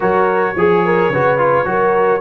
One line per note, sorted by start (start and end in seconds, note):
0.00 0.55 F#3
0.00 0.55 F#4
0.00 0.55 A#4
0.00 2.21 C#5
0.55 1.09 F3
0.55 0.85 G#4
0.55 1.13 G#4
0.85 1.11 A#4
1.09 1.65 C#3
1.09 1.37 F#4
1.09 1.67 B4
1.37 1.65 F4
1.65 2.21 F#3
1.65 2.20 F#4
1.65 2.21 A#4